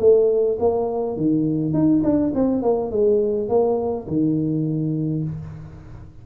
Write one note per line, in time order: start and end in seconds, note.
0.00 0.58 A3
0.60 1.17 A#3
1.17 1.74 D#3
1.74 2.03 D#4
2.04 2.33 D4
2.35 2.63 C4
2.63 2.92 A#3
2.92 3.49 G#3
3.49 4.08 A#3
4.08 5.25 D#3